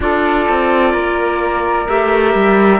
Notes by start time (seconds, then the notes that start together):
0.00 D4 F4 A4 D5
0.48 C4
0.93 A#3 A#4
1.88 A3 G4 E5
2.34 G3